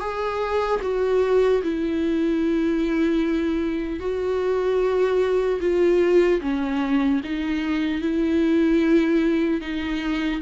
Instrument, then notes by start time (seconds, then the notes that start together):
viola
0.00 G#4
0.81 F#4
1.63 E4
3.99 F#4
5.60 F4
6.41 C#4
7.24 D#4
8.01 E4
9.61 D#4